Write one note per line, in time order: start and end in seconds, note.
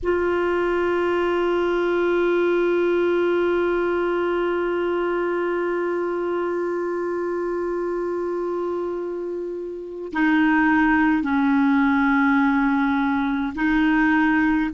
0.03 10.12 F4
10.12 11.22 D#4
11.22 13.53 C#4
13.55 14.70 D#4